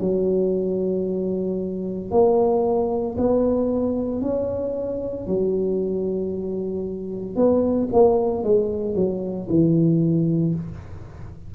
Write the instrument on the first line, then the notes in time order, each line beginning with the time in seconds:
tuba
0.00 F#3
2.11 A#3
3.17 B3
4.22 C#4
5.27 F#3
7.35 B3
7.92 A#3
8.43 G#3
8.95 F#3
9.49 E3